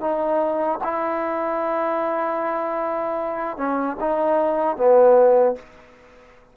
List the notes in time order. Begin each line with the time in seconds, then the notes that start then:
0.00 D#4
0.83 E4
3.57 C#4
4.00 D#4
4.77 B3